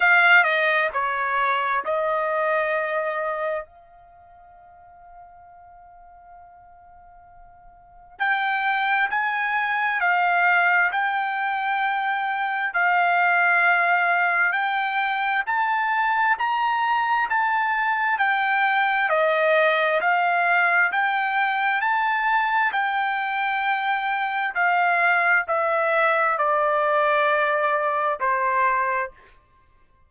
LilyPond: \new Staff \with { instrumentName = "trumpet" } { \time 4/4 \tempo 4 = 66 f''8 dis''8 cis''4 dis''2 | f''1~ | f''4 g''4 gis''4 f''4 | g''2 f''2 |
g''4 a''4 ais''4 a''4 | g''4 dis''4 f''4 g''4 | a''4 g''2 f''4 | e''4 d''2 c''4 | }